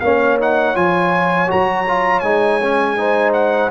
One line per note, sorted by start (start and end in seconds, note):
0.00 0.76 A#3
0.00 0.40 C#4
0.00 2.98 C#5
0.00 0.37 F5
0.40 0.75 D#4
0.40 0.76 F#5
0.75 1.50 F3
0.75 1.47 F4
0.75 1.50 G#5
1.47 2.22 F#3
1.47 1.84 F#4
1.47 2.20 A#5
1.87 2.24 F4
2.20 3.70 G#3
2.20 2.61 D#4
2.20 3.31 G#5
2.62 2.97 C#4
2.97 3.70 D#4
2.97 3.70 C5
3.33 3.70 F#5